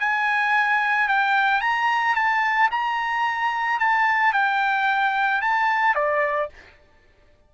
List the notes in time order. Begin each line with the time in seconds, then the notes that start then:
0.00 G#5
1.08 G5
1.61 A#5
2.15 A5
2.71 A#5
3.80 A5
4.33 G5
5.41 A5
5.95 D5